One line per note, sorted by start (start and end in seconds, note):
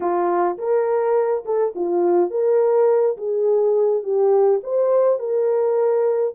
0.00 0.57 F4
0.57 1.44 A#4
1.45 1.74 A4
1.75 2.30 F4
2.30 3.16 A#4
3.17 4.03 G#4
4.03 4.60 G4
4.63 5.19 C5
5.19 6.34 A#4